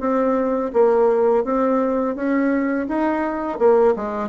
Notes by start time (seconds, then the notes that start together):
0.00 C4
0.73 A#3
1.44 C4
2.16 C#4
2.88 D#4
3.59 A#3
3.96 G#3